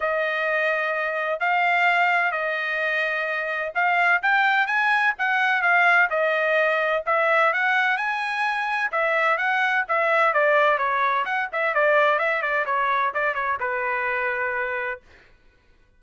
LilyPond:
\new Staff \with { instrumentName = "trumpet" } { \time 4/4 \tempo 4 = 128 dis''2. f''4~ | f''4 dis''2. | f''4 g''4 gis''4 fis''4 | f''4 dis''2 e''4 |
fis''4 gis''2 e''4 | fis''4 e''4 d''4 cis''4 | fis''8 e''8 d''4 e''8 d''8 cis''4 | d''8 cis''8 b'2. | }